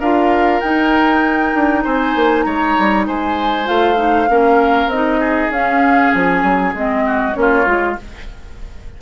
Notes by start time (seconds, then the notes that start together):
0.00 D4 F4 A#4 F5
0.61 D#4 G5
1.55 D4
1.84 C4 C5 G#5
2.16 A#3
2.43 G#3 C#5 A#5
2.79 G3
3.07 G#3 C5 G#5
3.65 A3 F4 F5
3.96 D#4
4.30 A#3 C#4 A#4
4.87 C4 D#5
4.93 D#4
5.20 G#4
5.50 C#4 F5
6.13 F3 G#5
6.43 F#3
6.74 G#3 C4 D#5
7.07 F#4
7.34 A#3 C#4 C#5
7.41 F4
7.66 G#3 F4